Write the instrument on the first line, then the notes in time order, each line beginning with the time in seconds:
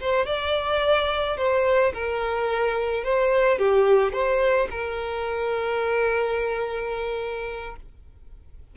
violin
0.00 C5
0.26 D5
1.37 C5
1.93 A#4
3.04 C5
3.58 G4
4.12 C5
4.70 A#4